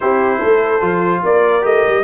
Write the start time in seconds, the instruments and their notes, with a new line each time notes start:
0.00 tuba C4, trombone E4, horn G4, trumpet C5
0.38 tuba A3, horn A4
0.80 tuba F3, trombone F4
1.22 tuba A#3, horn A#4, trumpet D5
1.61 tuba A3, trombone G4, trumpet D#5
1.86 tuba G3